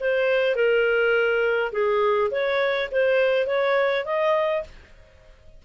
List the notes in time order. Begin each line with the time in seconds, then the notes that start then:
0.00 C5
0.55 A#4
1.72 G#4
2.31 C#5
2.91 C5
3.46 C#5
4.05 D#5